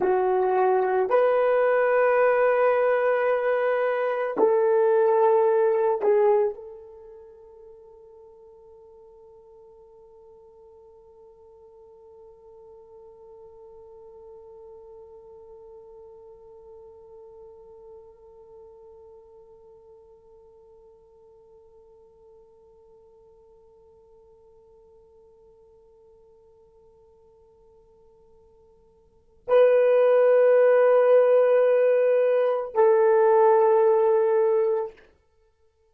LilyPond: \new Staff \with { instrumentName = "horn" } { \time 4/4 \tempo 4 = 55 fis'4 b'2. | a'4. gis'8 a'2~ | a'1~ | a'1~ |
a'1~ | a'1~ | a'2. b'4~ | b'2 a'2 | }